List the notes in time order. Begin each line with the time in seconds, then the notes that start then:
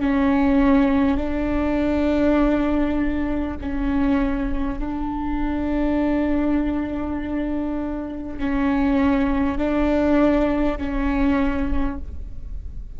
0.00 C#4
1.17 D4
3.61 C#4
4.79 D4
8.39 C#4
9.58 D4
10.78 C#4